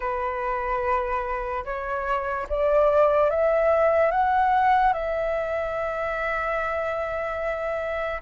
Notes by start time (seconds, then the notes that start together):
0.00 B4
1.64 C#5
2.49 D5
3.30 E5
4.11 F#5
4.93 E5